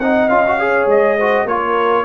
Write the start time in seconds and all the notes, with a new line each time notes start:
0.00 C4 D#4 D#5 F#5
0.29 C#4 F4 F5
0.47 F#4
0.59 G#4 C#5
0.87 G#3 D#5
1.18 F#4 C5
1.45 A#3 F4 A#4 C#5